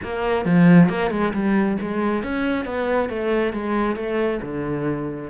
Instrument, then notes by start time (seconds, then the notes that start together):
cello
0.03 A#3
0.45 F3
0.89 A#3
1.10 G#3
1.33 G3
1.81 G#3
2.23 C#4
2.65 B3
3.09 A3
3.52 G#3
3.96 A3
4.41 D3